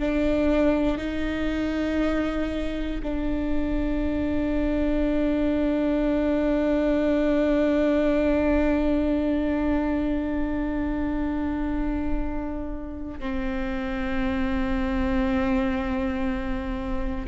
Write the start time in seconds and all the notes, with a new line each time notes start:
0.00 D4
0.98 D#4
3.03 D4
13.20 C4